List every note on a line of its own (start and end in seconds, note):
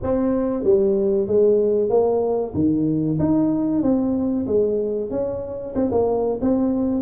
0.02 0.63 C4
0.63 1.27 G3
1.27 1.89 G#3
1.89 2.53 A#3
2.54 3.18 D#3
3.19 3.82 D#4
3.82 4.46 C4
4.47 5.10 G#3
5.10 5.74 C#4
5.74 5.90 C4
5.91 6.39 A#3
6.41 7.01 C4